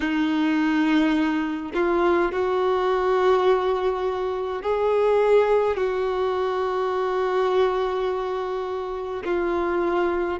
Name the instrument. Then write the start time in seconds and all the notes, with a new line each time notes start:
violin
0.00 D#4
1.74 F4
2.31 F#4
4.62 G#4
5.76 F#4
9.25 F4